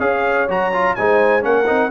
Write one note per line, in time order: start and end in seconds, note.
0.00 0.49 C#4
0.00 0.48 G#4
0.00 0.96 C#5
0.00 0.48 F5
0.49 0.97 F#3
0.49 0.73 F#4
0.49 0.96 A#5
0.74 0.98 F4
0.96 1.46 G#3
0.96 1.41 D#4
0.96 1.45 C5
0.96 1.44 G#5
1.41 1.70 A#3
1.41 1.65 C#4
1.41 1.91 A#4
1.41 1.91 F#5
1.67 1.91 C4
1.67 1.91 D#4